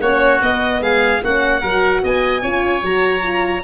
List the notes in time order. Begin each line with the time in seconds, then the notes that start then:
0.00 A#3 C#4 F#4 C#5
0.41 B3 D#5
0.81 G#3 G#4 F5
1.23 A#3 C#4 F#4 F#5
1.61 F#3 F#4 A#4
2.03 B3 D#5 G#5
2.42 C#4 F4 C#5
2.82 F#3 F#4 A#5
3.22 F4